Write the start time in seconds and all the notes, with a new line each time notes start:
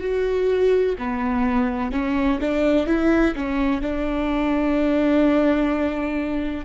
0.00 F#4
0.98 B3
1.92 C#4
2.41 D4
2.87 E4
3.35 C#4
3.81 D4